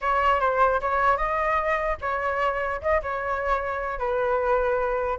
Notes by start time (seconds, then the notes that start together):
0.01 C#5
0.40 C5
0.80 C#5
1.17 D#5
2.01 C#5
2.81 D#5
3.02 C#5
3.98 B4